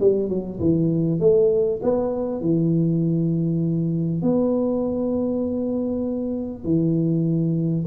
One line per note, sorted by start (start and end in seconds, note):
0.00 0.29 G3
0.29 0.59 F#3
0.60 1.20 E3
1.20 1.81 A3
1.83 2.41 B3
2.41 4.23 E3
4.23 6.64 B3
6.64 7.85 E3